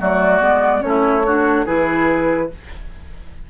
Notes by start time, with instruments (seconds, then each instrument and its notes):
0.00 bassoon F#3, clarinet A3, oboe F#4, flute D5
0.41 bassoon G#3, clarinet B3
0.81 bassoon A3, clarinet C#4, flute C#5
0.88 oboe E4
1.26 clarinet D4, oboe F#4
1.65 bassoon E3, clarinet E4, oboe G#4, flute B4